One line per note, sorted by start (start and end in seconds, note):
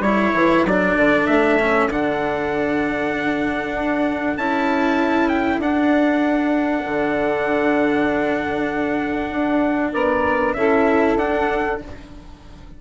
0.00 0.31 G3
0.00 0.67 E4
0.00 9.92 A4
0.00 0.64 C#5
0.34 0.65 E3
0.65 0.96 F#3
0.65 1.59 D4
0.65 1.26 D5
0.96 1.27 D3
1.26 1.89 A3
1.26 1.88 E5
1.59 1.89 C#4
1.89 3.73 D3
1.89 4.38 D4
1.89 4.37 F#5
3.73 4.35 D4
4.37 5.58 C#4
4.37 5.61 E4
4.37 5.28 A5
5.28 5.59 G5
5.58 6.81 D4
5.58 10.56 D4
5.58 9.93 F#5
6.85 9.30 D3
9.30 9.92 D4
9.92 10.54 B3
9.92 10.54 A#4
9.92 10.54 D5
10.54 11.16 C#4
10.54 11.19 E4
10.54 11.81 A4
10.54 11.15 E5
11.16 11.77 D4
11.16 11.81 D4
11.16 11.80 F#5